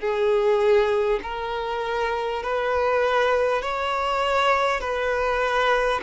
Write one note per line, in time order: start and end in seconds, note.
0.00 1.20 G#4
1.23 2.42 A#4
2.42 3.62 B4
3.62 4.80 C#5
4.80 6.00 B4